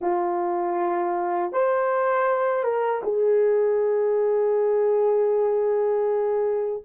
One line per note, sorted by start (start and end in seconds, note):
0.01 1.52 F4
1.52 2.63 C5
2.63 3.01 A#4
3.03 6.83 G#4